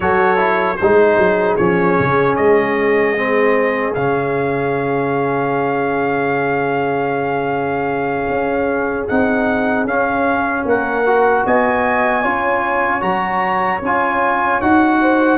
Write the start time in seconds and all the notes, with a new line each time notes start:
0.00 F#3 F#4 A4 C#5
0.37 E4
0.76 G#3 D#4 G#4 C5
1.17 F#3
1.56 F3 C#4 C#5
1.99 C#3
2.36 G#3 D#5
3.16 C4
3.94 C#3 C#4 F5
8.29 C#4
9.07 C4 D#4 F#5
9.84 C#4 F5
10.65 A#3 A#4 F#5
11.06 F#4
11.46 B3 D#5 G#5
12.22 C#4 F4 C#5
13.00 F#3 F#4 A#5
13.81 C#4 F4 G#5
14.61 D#4 F#4 F#5
15.01 C5